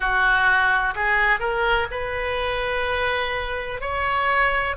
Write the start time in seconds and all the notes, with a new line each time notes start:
0.00 F#4
0.95 G#4
1.39 A#4
1.90 B4
3.81 C#5